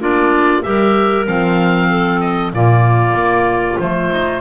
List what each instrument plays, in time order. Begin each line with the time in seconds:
0.00 double bass A#3, clarinet D4 F4, oboe D5
0.62 double bass G3, clarinet G4 A#4, oboe E5
1.27 double bass F3, clarinet C4, oboe F5
1.89 clarinet A4
2.21 oboe D#5
2.53 double bass A#2, clarinet A#3 F4, oboe D5
3.14 double bass A#3
3.79 double bass F3, clarinet A3, oboe C5
4.11 double bass D#4